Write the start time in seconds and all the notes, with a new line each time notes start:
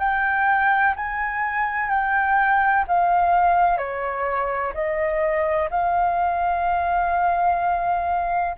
0.00 G5
0.97 G#5
1.90 G5
2.88 F5
3.78 C#5
4.74 D#5
5.71 F5